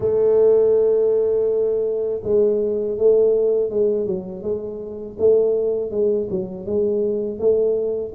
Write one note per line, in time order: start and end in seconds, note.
0.00 2.21 A3
2.23 2.97 G#3
2.97 3.69 A3
3.69 4.06 G#3
4.06 4.42 F#3
4.42 5.16 G#3
5.19 5.91 A3
5.91 6.28 G#3
6.30 6.65 F#3
6.65 7.39 G#3
7.39 8.13 A3